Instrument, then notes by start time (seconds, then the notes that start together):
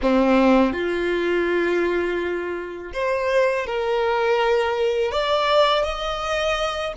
violin
0.02 C4
0.73 F4
2.93 C5
3.66 A#4
5.11 D5
5.83 D#5